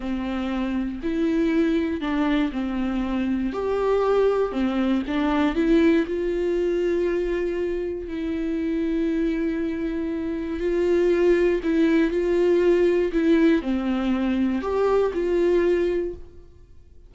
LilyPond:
\new Staff \with { instrumentName = "viola" } { \time 4/4 \tempo 4 = 119 c'2 e'2 | d'4 c'2 g'4~ | g'4 c'4 d'4 e'4 | f'1 |
e'1~ | e'4 f'2 e'4 | f'2 e'4 c'4~ | c'4 g'4 f'2 | }